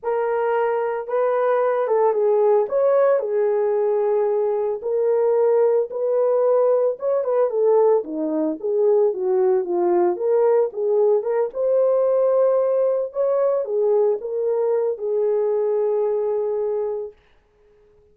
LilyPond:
\new Staff \with { instrumentName = "horn" } { \time 4/4 \tempo 4 = 112 ais'2 b'4. a'8 | gis'4 cis''4 gis'2~ | gis'4 ais'2 b'4~ | b'4 cis''8 b'8 a'4 dis'4 |
gis'4 fis'4 f'4 ais'4 | gis'4 ais'8 c''2~ c''8~ | c''8 cis''4 gis'4 ais'4. | gis'1 | }